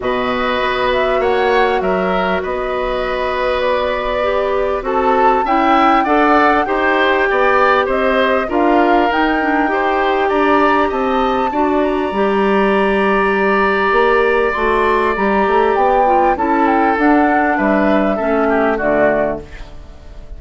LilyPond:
<<
  \new Staff \with { instrumentName = "flute" } { \time 4/4 \tempo 4 = 99 dis''4. e''8 fis''4 e''4 | dis''2 d''2 | a''4 g''4 fis''4 g''4~ | g''4 dis''4 f''4 g''4~ |
g''4 ais''4 a''4. ais''8~ | ais''1 | c'''4 ais''4 g''4 a''8 g''8 | fis''4 e''2 d''4 | }
  \new Staff \with { instrumentName = "oboe" } { \time 4/4 b'2 cis''4 ais'4 | b'1 | a'4 e''4 d''4 c''4 | d''4 c''4 ais'2 |
c''4 d''4 dis''4 d''4~ | d''1~ | d''2. a'4~ | a'4 b'4 a'8 g'8 fis'4 | }
  \new Staff \with { instrumentName = "clarinet" } { \time 4/4 fis'1~ | fis'2. g'4 | fis'4 e'4 a'4 g'4~ | g'2 f'4 dis'8 d'8 |
g'2. fis'4 | g'1 | fis'4 g'4. f'8 e'4 | d'2 cis'4 a4 | }
  \new Staff \with { instrumentName = "bassoon" } { \time 4/4 b,4 b4 ais4 fis4 | b1 | c'4 cis'4 d'4 dis'4 | b4 c'4 d'4 dis'4~ |
dis'4 d'4 c'4 d'4 | g2. ais4 | a4 g8 a8 b4 cis'4 | d'4 g4 a4 d4 | }
>>